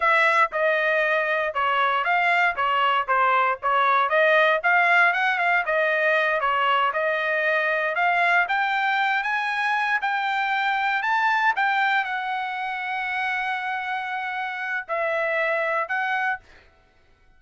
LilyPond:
\new Staff \with { instrumentName = "trumpet" } { \time 4/4 \tempo 4 = 117 e''4 dis''2 cis''4 | f''4 cis''4 c''4 cis''4 | dis''4 f''4 fis''8 f''8 dis''4~ | dis''8 cis''4 dis''2 f''8~ |
f''8 g''4. gis''4. g''8~ | g''4. a''4 g''4 fis''8~ | fis''1~ | fis''4 e''2 fis''4 | }